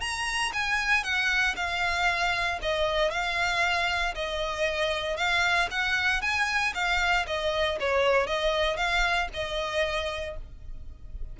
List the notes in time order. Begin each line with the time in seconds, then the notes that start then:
0.00 A#5
0.53 G#5
1.03 F#5
1.55 F5
2.61 D#5
3.11 F5
4.14 D#5
5.17 F5
5.70 F#5
6.21 G#5
6.74 F5
7.26 D#5
7.80 C#5
8.26 D#5
8.76 F5
9.33 D#5